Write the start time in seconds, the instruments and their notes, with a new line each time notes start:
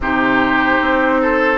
0.00 bassoon C3, clarinet D#4, oboe G4, flute C5
0.80 bassoon C4
1.21 oboe A4